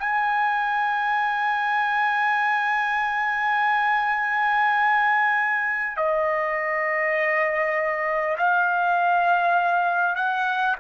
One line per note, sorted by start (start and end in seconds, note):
0.00 5.97 G#5
5.97 8.37 D#5
8.38 10.16 F5
10.16 10.76 F#5